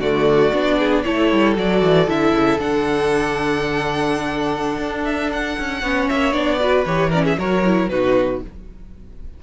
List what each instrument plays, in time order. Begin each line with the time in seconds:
0.00 cello D3, viola A3, violin F#4 D5
0.54 cello B3, viola D4
0.78 violin G#4
1.03 cello A3, viola E4, violin A4 C#5
1.32 cello G3
1.56 cello F#3, viola F#4, violin D5
1.82 cello E3
2.07 cello D3, viola E4, violin E5
2.33 cello C#3
2.59 cello D3, viola D4, violin F#5
4.78 cello D4
5.05 violin E5
5.32 violin F#5
5.59 cello C#4
5.81 cello B3, viola C#4, violin C#5
6.09 cello A#3, violin E5
6.33 cello B3, viola D4, violin D5
6.60 viola F#4, violin B4
6.85 cello E3, viola G4, violin C#5
7.09 viola C#4, violin A#4 D5
7.23 violin G#4 E5
7.38 cello F#3, viola F#4, violin A#4 C#5
7.64 viola E4
7.89 cello B2, viola D#4, violin F#4 B4